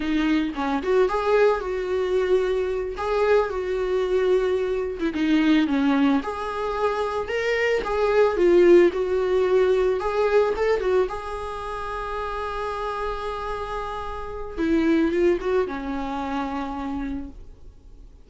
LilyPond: \new Staff \with { instrumentName = "viola" } { \time 4/4 \tempo 4 = 111 dis'4 cis'8 fis'8 gis'4 fis'4~ | fis'4. gis'4 fis'4.~ | fis'4~ fis'16 e'16 dis'4 cis'4 gis'8~ | gis'4. ais'4 gis'4 f'8~ |
f'8 fis'2 gis'4 a'8 | fis'8 gis'2.~ gis'8~ | gis'2. e'4 | f'8 fis'8 cis'2. | }